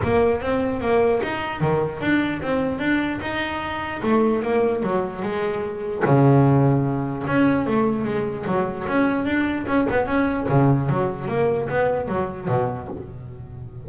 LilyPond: \new Staff \with { instrumentName = "double bass" } { \time 4/4 \tempo 4 = 149 ais4 c'4 ais4 dis'4 | dis4 d'4 c'4 d'4 | dis'2 a4 ais4 | fis4 gis2 cis4~ |
cis2 cis'4 a4 | gis4 fis4 cis'4 d'4 | cis'8 b8 cis'4 cis4 fis4 | ais4 b4 fis4 b,4 | }